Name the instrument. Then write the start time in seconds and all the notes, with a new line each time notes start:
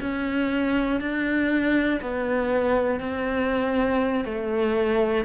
cello
0.00 C#4
1.00 D4
2.01 B3
3.00 C4
4.25 A3